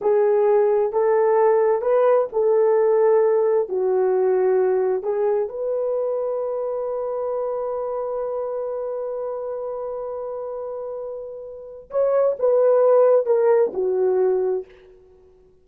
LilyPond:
\new Staff \with { instrumentName = "horn" } { \time 4/4 \tempo 4 = 131 gis'2 a'2 | b'4 a'2. | fis'2. gis'4 | b'1~ |
b'1~ | b'1~ | b'2 cis''4 b'4~ | b'4 ais'4 fis'2 | }